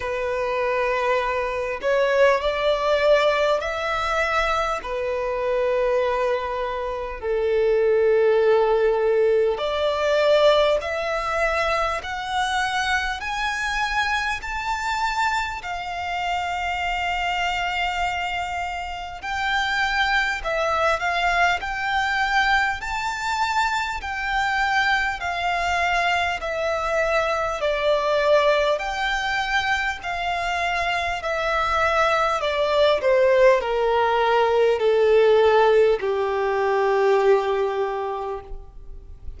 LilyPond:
\new Staff \with { instrumentName = "violin" } { \time 4/4 \tempo 4 = 50 b'4. cis''8 d''4 e''4 | b'2 a'2 | d''4 e''4 fis''4 gis''4 | a''4 f''2. |
g''4 e''8 f''8 g''4 a''4 | g''4 f''4 e''4 d''4 | g''4 f''4 e''4 d''8 c''8 | ais'4 a'4 g'2 | }